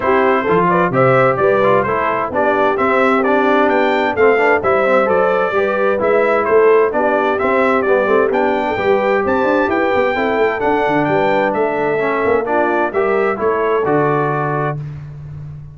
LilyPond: <<
  \new Staff \with { instrumentName = "trumpet" } { \time 4/4 \tempo 4 = 130 c''4. d''8 e''4 d''4 | c''4 d''4 e''4 d''4 | g''4 f''4 e''4 d''4~ | d''4 e''4 c''4 d''4 |
e''4 d''4 g''2 | a''4 g''2 fis''4 | g''4 e''2 d''4 | e''4 cis''4 d''2 | }
  \new Staff \with { instrumentName = "horn" } { \time 4/4 g'4 a'8 b'8 c''4 b'4 | a'4 g'2.~ | g'4 a'8 b'8 c''2 | b'2 a'4 g'4~ |
g'2~ g'8. a'16 b'4 | c''4 b'4 a'2 | b'4 a'2 f'4 | ais'4 a'2. | }
  \new Staff \with { instrumentName = "trombone" } { \time 4/4 e'4 f'4 g'4. f'8 | e'4 d'4 c'4 d'4~ | d'4 c'8 d'8 e'8 c'8 a'4 | g'4 e'2 d'4 |
c'4 b8 c'8 d'4 g'4~ | g'2 e'4 d'4~ | d'2 cis'4 d'4 | g'4 e'4 fis'2 | }
  \new Staff \with { instrumentName = "tuba" } { \time 4/4 c'4 f4 c4 g4 | a4 b4 c'2 | b4 a4 g4 fis4 | g4 gis4 a4 b4 |
c'4 g8 a8 b4 g4 | c'8 d'8 e'8 b8 c'8 a8 d'8 d8 | g4 a4. ais4. | g4 a4 d2 | }
>>